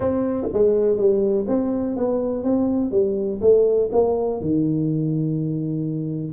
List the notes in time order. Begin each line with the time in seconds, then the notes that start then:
0.00 C4
0.53 G#3
0.96 G3
1.47 C4
1.96 B3
2.43 C4
2.91 G3
3.41 A3
3.92 A#3
4.41 D#3